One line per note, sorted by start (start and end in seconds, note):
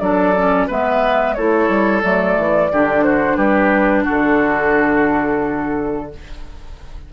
0.00 0.68 F#3
0.00 0.34 D4
0.00 0.68 A4
0.00 0.67 D5
0.37 0.69 C#4
0.68 1.38 G#3
0.68 1.36 B3
0.68 1.35 B4
0.68 1.34 E5
1.34 1.69 A3
1.34 2.02 E4
1.34 2.72 A4
1.34 2.02 C#5
1.69 2.02 G3
2.02 2.37 F#3
2.02 2.70 A3
2.02 3.04 D5
2.37 2.71 E3
2.72 3.37 D3
2.72 6.11 D4
2.72 3.05 G4
3.04 3.37 F#4
3.04 3.37 C5
3.37 4.05 G3
3.37 4.04 G4
3.37 4.04 B4
4.04 6.06 F#4
4.04 6.12 A4
4.11 6.13 D3